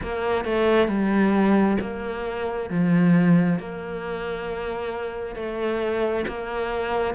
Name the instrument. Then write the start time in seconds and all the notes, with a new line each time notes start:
cello
0.02 A#3
0.45 A3
0.88 G3
1.81 A#3
2.70 F3
3.59 A#3
5.35 A3
6.27 A#3